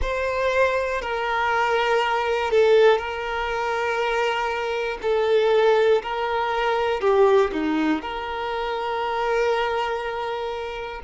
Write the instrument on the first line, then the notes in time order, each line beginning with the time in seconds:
violin
0.01 C5
1.01 A#4
2.50 A4
2.97 A#4
5.01 A4
6.02 A#4
7.00 G4
7.52 D#4
8.01 A#4